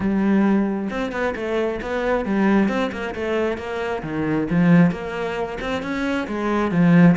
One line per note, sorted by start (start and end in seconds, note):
0.00 0.89 G3
0.90 1.12 C4
1.12 1.34 B3
1.35 1.80 A3
1.81 2.25 B3
2.25 2.68 G3
2.68 2.90 C4
2.91 3.14 A#3
3.14 3.57 A3
3.57 4.02 A#3
4.02 4.47 D#3
4.50 4.91 F3
4.91 5.58 A#3
5.61 5.82 C4
5.82 6.27 C#4
6.27 6.71 G#3
6.71 7.16 F3